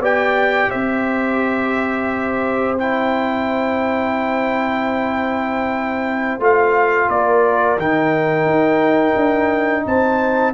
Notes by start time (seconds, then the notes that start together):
0.00 B3 G4 D5 G5
0.70 C4 C5 E5
2.79 E4 G5
6.39 A3 F4 F5
7.09 A#3 A#4 D5
7.78 D#3 D#4 G5
8.45 D#4
9.17 D4
9.86 C4 C5 A5